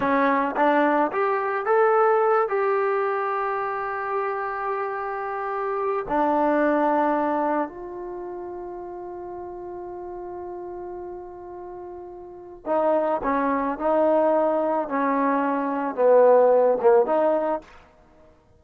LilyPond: \new Staff \with { instrumentName = "trombone" } { \time 4/4 \tempo 4 = 109 cis'4 d'4 g'4 a'4~ | a'8 g'2.~ g'8~ | g'2. d'4~ | d'2 f'2~ |
f'1~ | f'2. dis'4 | cis'4 dis'2 cis'4~ | cis'4 b4. ais8 dis'4 | }